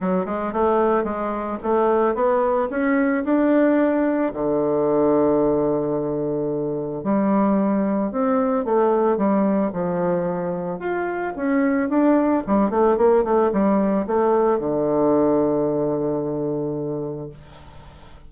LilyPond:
\new Staff \with { instrumentName = "bassoon" } { \time 4/4 \tempo 4 = 111 fis8 gis8 a4 gis4 a4 | b4 cis'4 d'2 | d1~ | d4 g2 c'4 |
a4 g4 f2 | f'4 cis'4 d'4 g8 a8 | ais8 a8 g4 a4 d4~ | d1 | }